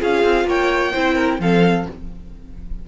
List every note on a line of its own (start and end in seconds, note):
0.00 0.24 C#4
0.00 0.93 F4
0.00 0.47 G#4
0.00 0.49 F5
0.24 0.45 C4
0.45 0.91 A#3
0.45 0.93 C#5
0.45 1.41 G5
0.93 1.40 C4
0.93 1.41 E4
0.93 1.15 C5
1.15 1.38 A#4
1.40 1.86 F3
1.40 1.88 C4
1.40 1.89 A4
1.40 1.88 F5